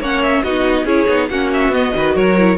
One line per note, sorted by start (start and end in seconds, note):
0.00 0.43 A#3
0.00 0.45 C#4
0.00 0.43 C#5
0.00 0.23 F#5
0.23 0.43 E5
0.43 0.85 B3
0.43 0.87 D#4
0.43 0.85 F#4
0.43 0.86 D#5
0.85 1.06 C#4
0.85 1.08 E4
0.85 1.28 G#4
0.85 1.29 C#5
1.08 1.30 B3
1.08 1.29 D#4
1.29 1.68 A#3
1.29 1.73 C#4
1.29 1.94 F#4
1.29 1.50 F#5
1.53 1.74 E5
1.68 1.90 B3
1.68 1.94 B3
1.68 2.16 D#5
1.94 2.16 D#3
1.94 2.37 F#4
1.94 2.15 B4
2.15 2.58 F#3
2.15 2.58 A#4
2.15 2.58 C#5
2.37 2.58 E4